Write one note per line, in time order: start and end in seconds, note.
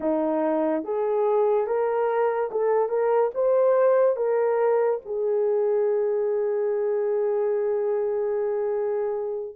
0.00 0.83 D#4
0.84 1.66 G#4
1.66 2.50 A#4
2.51 2.89 A4
2.89 3.30 A#4
3.34 4.16 C5
4.16 5.00 A#4
5.05 9.55 G#4